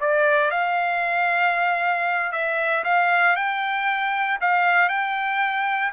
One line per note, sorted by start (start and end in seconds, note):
0.00 0.51 D5
0.51 2.32 F5
2.32 2.84 E5
2.84 3.36 F5
3.36 4.39 G5
4.41 4.89 F5
4.89 5.92 G5